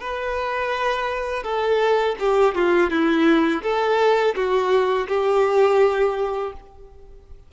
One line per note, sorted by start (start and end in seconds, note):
0.00 1.43 B4
1.43 2.15 A4
2.19 2.54 G4
2.54 2.90 F4
2.90 3.62 E4
3.62 4.34 A4
4.35 5.07 F#4
5.08 6.52 G4